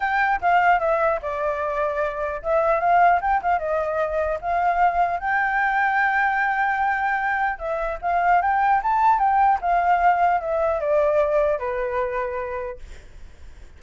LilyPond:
\new Staff \with { instrumentName = "flute" } { \time 4/4 \tempo 4 = 150 g''4 f''4 e''4 d''4~ | d''2 e''4 f''4 | g''8 f''8 dis''2 f''4~ | f''4 g''2.~ |
g''2. e''4 | f''4 g''4 a''4 g''4 | f''2 e''4 d''4~ | d''4 b'2. | }